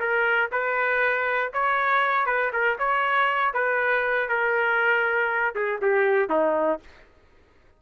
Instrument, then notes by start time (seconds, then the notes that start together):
trumpet
0.00 A#4
0.52 B4
1.54 C#5
2.26 B4
2.53 A#4
2.79 C#5
3.54 B4
4.29 A#4
5.56 G#4
5.82 G4
6.30 D#4